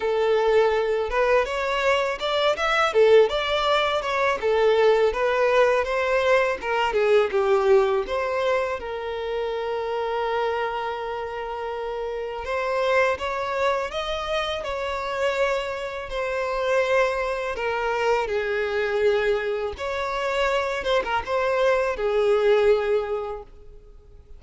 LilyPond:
\new Staff \with { instrumentName = "violin" } { \time 4/4 \tempo 4 = 82 a'4. b'8 cis''4 d''8 e''8 | a'8 d''4 cis''8 a'4 b'4 | c''4 ais'8 gis'8 g'4 c''4 | ais'1~ |
ais'4 c''4 cis''4 dis''4 | cis''2 c''2 | ais'4 gis'2 cis''4~ | cis''8 c''16 ais'16 c''4 gis'2 | }